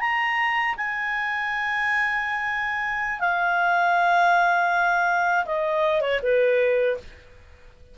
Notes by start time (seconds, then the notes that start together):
0.00 A#5
0.77 G#5
3.20 F5
5.45 D#5
6.01 C#5
6.22 B4